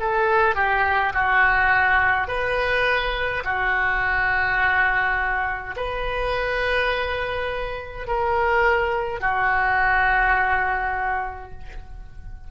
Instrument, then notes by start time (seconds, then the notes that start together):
oboe
0.00 A4
0.55 G4
1.14 F#4
2.28 B4
3.45 F#4
5.76 B4
8.07 A#4
9.20 F#4